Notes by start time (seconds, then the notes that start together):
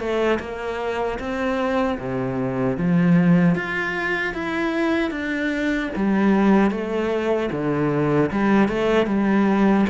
0.00 A3
0.40 A#3
1.19 C4
1.99 C3
2.78 F3
3.56 F4
4.34 E4
5.11 D4
5.96 G3
6.71 A3
7.52 D3
8.32 G3
8.69 A3
9.07 G3